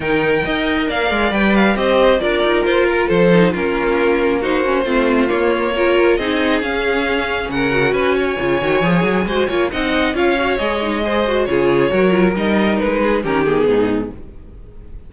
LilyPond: <<
  \new Staff \with { instrumentName = "violin" } { \time 4/4 \tempo 4 = 136 g''2 f''4 g''8 f''8 | dis''4 d''4 c''8 ais'8 c''4 | ais'2 c''2 | cis''2 dis''4 f''4~ |
f''4 fis''4 gis''2~ | gis''2 fis''4 f''4 | dis''2 cis''2 | dis''4 b'4 ais'8 gis'4. | }
  \new Staff \with { instrumentName = "violin" } { \time 4/4 ais'4 dis''4 d''2 | c''4 ais'2 a'4 | f'2 fis'4 f'4~ | f'4 ais'4 gis'2~ |
gis'4 ais'4 b'8 cis''4.~ | cis''4 c''8 cis''8 dis''4 cis''4~ | cis''4 c''4 gis'4 ais'4~ | ais'4. gis'8 g'4 dis'4 | }
  \new Staff \with { instrumentName = "viola" } { \time 4/4 dis'4 ais'2 b'4 | g'4 f'2~ f'8 dis'8 | cis'2 dis'8 cis'8 c'4 | ais4 f'4 dis'4 cis'4~ |
cis'4. fis'4. f'8 fis'8 | gis'4 fis'8 f'8 dis'4 f'8 fis'8 | gis'8 dis'8 gis'8 fis'8 f'4 fis'8 f'8 | dis'2 cis'8 b4. | }
  \new Staff \with { instrumentName = "cello" } { \time 4/4 dis4 dis'4 ais8 gis8 g4 | c'4 d'8 dis'8 f'4 f4 | ais2. a4 | ais2 c'4 cis'4~ |
cis'4 cis4 cis'4 cis8 dis8 | f8 fis8 gis8 ais8 c'4 cis'4 | gis2 cis4 fis4 | g4 gis4 dis4 gis,4 | }
>>